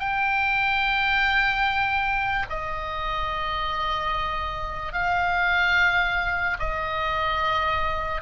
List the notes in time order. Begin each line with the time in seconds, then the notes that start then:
0.00 G5
2.50 D#5
4.93 F5
6.60 D#5